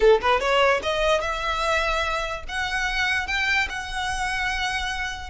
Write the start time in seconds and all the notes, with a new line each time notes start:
0.00 A4
0.21 B4
0.40 C#5
0.82 D#5
1.21 E5
2.48 F#5
3.27 G5
3.69 F#5